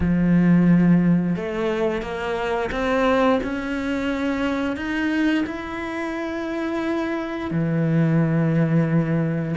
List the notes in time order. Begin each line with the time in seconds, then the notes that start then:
0.00 F3
1.35 A3
2.01 A#3
2.71 C4
3.43 C#4
4.76 D#4
5.46 E4
7.50 E3